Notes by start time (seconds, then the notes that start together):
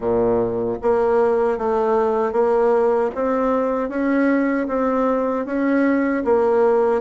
0.00 A#2
0.82 A#3
1.58 A3
2.32 A#3
3.14 C4
3.89 C#4
4.68 C4
5.45 C#4
6.24 A#3